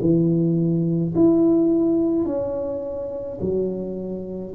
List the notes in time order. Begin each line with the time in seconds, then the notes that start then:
0.00 E3
1.14 E4
2.25 C#4
3.41 F#3